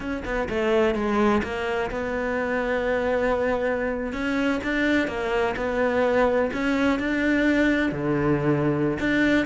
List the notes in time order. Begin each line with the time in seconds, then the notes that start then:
0.00 C#4
0.24 B3
0.49 A3
0.94 G#3
1.43 A#3
1.90 B3
4.13 C#4
4.63 D4
5.07 A#3
5.56 B3
6.53 C#4
6.99 D4
7.92 D3
8.99 D4